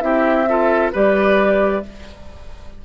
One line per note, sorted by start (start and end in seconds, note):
0.00 0.91 C4
0.00 0.45 E4
0.00 0.49 G4
0.00 0.91 E5
0.48 0.93 F4
0.48 0.92 A4
0.92 1.84 G3
0.92 1.83 G4
0.92 1.82 B4
0.92 1.85 D5